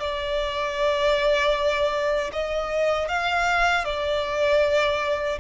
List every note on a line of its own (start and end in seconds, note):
0.00 2.31 D5
2.33 3.08 D#5
3.08 3.85 F5
3.85 5.39 D5